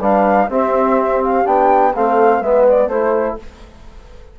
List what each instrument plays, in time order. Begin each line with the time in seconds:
0.00 bassoon G3, trombone D4, horn B4, flute F5
0.49 bassoon C4, trombone C4, horn G4, flute E5
1.24 flute F5
1.44 bassoon B3, trombone D4, flute G5
1.95 bassoon A3, trombone C4, horn A4, flute F5
2.40 bassoon G#3, trombone B3, horn B4, flute E5
2.68 flute D5
2.87 bassoon A3, trombone E4, horn A4, flute C5